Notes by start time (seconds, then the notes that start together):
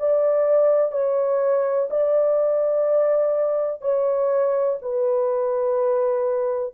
0.00 D5
0.92 C#5
1.91 D5
3.82 C#5
4.82 B4